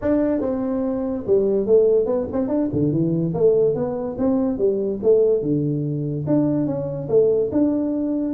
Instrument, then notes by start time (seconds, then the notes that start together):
tuba
0.01 D4
0.41 C4
1.27 G3
1.66 A3
2.05 B3
2.32 C4
2.48 D4
2.73 D3
2.92 E3
3.34 A3
3.74 B3
4.18 C4
4.58 G3
5.02 A3
5.42 D3
6.26 D4
6.66 C#4
7.08 A3
7.52 D4